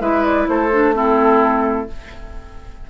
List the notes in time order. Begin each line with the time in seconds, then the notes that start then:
0.00 G#3 E4 B4 E5
0.24 D5
0.47 A3 A4 C5
0.71 D4
0.93 C4 E4 A4